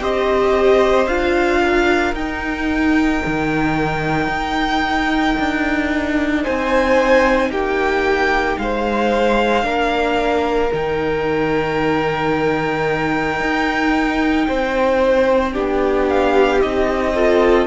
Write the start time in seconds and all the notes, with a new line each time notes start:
0.00 C4 G4 C5 D#5
1.06 D4 F4 F5
1.60 A#4
2.14 D#4 G5
3.26 D#3
4.27 D#4
5.39 D4
6.43 C4 C5 G#5
7.49 A#3 G4 G5
8.58 G#3 C5 F5
9.62 A#3 D4 A#4
10.72 D#3 D#4 G5
13.40 D#4
14.47 C4 C5
15.52 B3 D4 G4
16.08 F5
16.59 C4 D#4 D#5
17.14 F4 A4